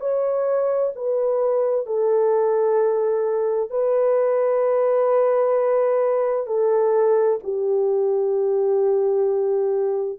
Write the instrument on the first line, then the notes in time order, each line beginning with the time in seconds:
horn
0.00 C#5
0.95 B4
1.86 A4
3.70 B4
6.47 A4
7.43 G4